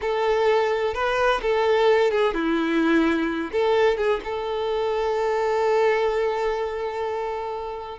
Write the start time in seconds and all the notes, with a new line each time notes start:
0.01 A4
0.94 B4
1.41 A4
2.11 G#4
2.34 E4
3.52 A4
3.97 G#4
4.24 A4